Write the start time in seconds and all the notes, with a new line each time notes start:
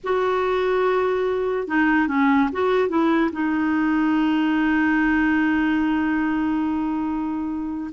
0.03 F#4
1.67 D#4
2.07 C#4
2.52 F#4
2.88 E4
3.32 D#4